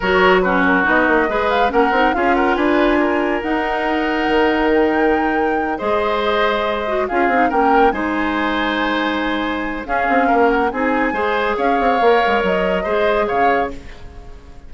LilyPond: <<
  \new Staff \with { instrumentName = "flute" } { \time 4/4 \tempo 4 = 140 cis''4 b'8 ais'8 dis''4. f''8 | fis''4 f''8 fis''8 gis''2 | fis''2. g''4~ | g''4. dis''2~ dis''8~ |
dis''8 f''4 g''4 gis''4.~ | gis''2. f''4~ | f''8 fis''8 gis''2 f''4~ | f''4 dis''2 f''4 | }
  \new Staff \with { instrumentName = "oboe" } { \time 4/4 ais'4 fis'2 b'4 | ais'4 gis'8 ais'8 b'4 ais'4~ | ais'1~ | ais'4. c''2~ c''8~ |
c''8 gis'4 ais'4 c''4.~ | c''2. gis'4 | ais'4 gis'4 c''4 cis''4~ | cis''2 c''4 cis''4 | }
  \new Staff \with { instrumentName = "clarinet" } { \time 4/4 fis'4 cis'4 dis'4 gis'4 | cis'8 dis'8 f'2. | dis'1~ | dis'4. gis'2~ gis'8 |
fis'8 f'8 dis'8 cis'4 dis'4.~ | dis'2. cis'4~ | cis'4 dis'4 gis'2 | ais'2 gis'2 | }
  \new Staff \with { instrumentName = "bassoon" } { \time 4/4 fis2 b8 ais8 gis4 | ais8 c'8 cis'4 d'2 | dis'2 dis2~ | dis4. gis2~ gis8~ |
gis8 cis'8 c'8 ais4 gis4.~ | gis2. cis'8 c'8 | ais4 c'4 gis4 cis'8 c'8 | ais8 gis8 fis4 gis4 cis4 | }
>>